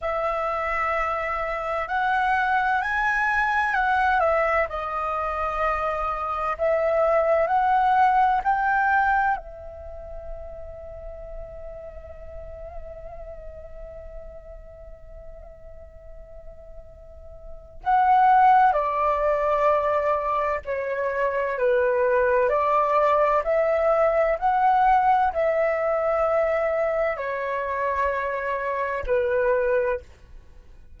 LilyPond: \new Staff \with { instrumentName = "flute" } { \time 4/4 \tempo 4 = 64 e''2 fis''4 gis''4 | fis''8 e''8 dis''2 e''4 | fis''4 g''4 e''2~ | e''1~ |
e''2. fis''4 | d''2 cis''4 b'4 | d''4 e''4 fis''4 e''4~ | e''4 cis''2 b'4 | }